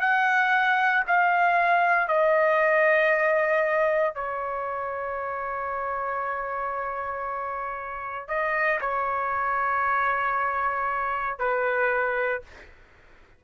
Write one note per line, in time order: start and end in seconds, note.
0.00 1.03 F#5
1.07 2.08 F5
2.08 4.14 D#5
4.14 8.28 C#5
8.28 8.79 D#5
8.80 11.38 C#5
11.38 12.42 B4